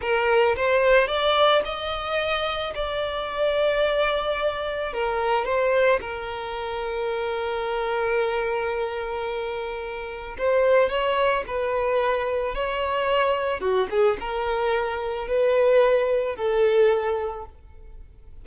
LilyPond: \new Staff \with { instrumentName = "violin" } { \time 4/4 \tempo 4 = 110 ais'4 c''4 d''4 dis''4~ | dis''4 d''2.~ | d''4 ais'4 c''4 ais'4~ | ais'1~ |
ais'2. c''4 | cis''4 b'2 cis''4~ | cis''4 fis'8 gis'8 ais'2 | b'2 a'2 | }